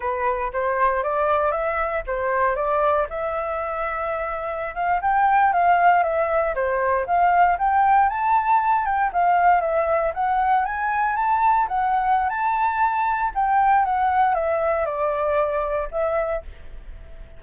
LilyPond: \new Staff \with { instrumentName = "flute" } { \time 4/4 \tempo 4 = 117 b'4 c''4 d''4 e''4 | c''4 d''4 e''2~ | e''4~ e''16 f''8 g''4 f''4 e''16~ | e''8. c''4 f''4 g''4 a''16~ |
a''4~ a''16 g''8 f''4 e''4 fis''16~ | fis''8. gis''4 a''4 fis''4~ fis''16 | a''2 g''4 fis''4 | e''4 d''2 e''4 | }